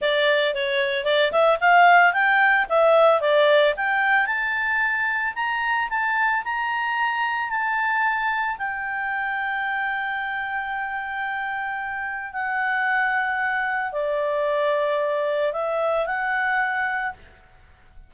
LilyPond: \new Staff \with { instrumentName = "clarinet" } { \time 4/4 \tempo 4 = 112 d''4 cis''4 d''8 e''8 f''4 | g''4 e''4 d''4 g''4 | a''2 ais''4 a''4 | ais''2 a''2 |
g''1~ | g''2. fis''4~ | fis''2 d''2~ | d''4 e''4 fis''2 | }